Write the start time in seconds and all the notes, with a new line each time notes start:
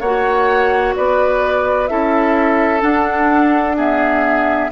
0.00 A#3 F#4 C#5 F#5
0.95 B3 B4 D5
1.87 C#4 E4 A4 E5
2.80 D4 F#5
3.77 B3 G#4 E5